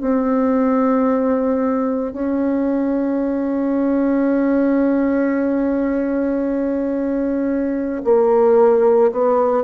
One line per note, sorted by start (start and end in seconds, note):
0.00 2.12 C4
2.12 8.02 C#4
8.04 9.11 A#3
9.12 9.63 B3